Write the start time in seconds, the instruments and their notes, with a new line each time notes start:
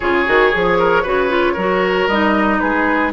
0.00 bassoon C#3, clarinet F4, oboe G#4, flute C#5
0.26 bassoon D#3, clarinet F#4
0.52 bassoon F3, clarinet G#4
0.78 oboe A#4
1.02 bassoon C#3, clarinet F#4, oboe B4
1.29 clarinet F4
1.53 bassoon F#3, clarinet F#4, oboe A#4
2.07 bassoon G3, clarinet D#4, flute D#5
2.59 bassoon G#3, oboe G#4, flute B4